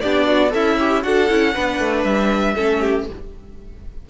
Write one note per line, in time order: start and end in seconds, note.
0.00 0.53 B3
0.00 0.50 D4
0.00 0.26 G4
0.00 0.51 D5
0.26 0.51 F#4
0.50 1.04 C#4
0.50 1.05 E4
0.50 0.75 A4
0.50 1.02 E5
0.79 1.02 G4
1.02 1.29 D4
1.02 1.27 F#4
1.02 1.53 A4
1.02 2.03 F#5
1.28 1.55 C#4
1.28 1.54 E4
1.53 1.79 B3
1.53 2.56 D4
1.53 2.54 B4
1.79 2.04 A3
2.03 2.54 G3
2.03 3.05 E5
2.54 3.09 A3
2.54 3.07 C#4
2.54 2.79 A4
2.80 3.05 G4